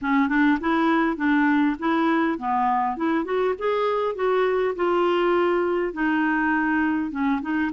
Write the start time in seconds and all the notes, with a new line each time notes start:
0.01 C#4
0.28 D4
0.60 E4
1.16 D4
1.79 E4
2.38 B3
2.96 E4
3.24 F#4
3.58 G#4
4.15 F#4
4.75 F4
5.93 D#4
7.11 C#4
7.41 D#4